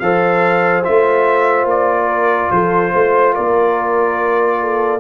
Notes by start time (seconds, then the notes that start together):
0.00 F3 A4 C5 F5
0.83 A3 F4 E5
1.64 A#3 D5
2.07 A#4
2.51 F3 A4 C5
2.92 A3 C5
3.32 A#3 A#4 D5
4.61 A4